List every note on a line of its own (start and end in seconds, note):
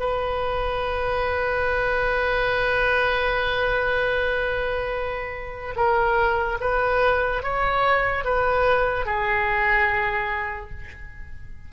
0.00 5.75 B4
5.76 6.58 A#4
6.61 7.43 B4
7.43 8.25 C#5
8.25 9.06 B4
9.06 10.70 G#4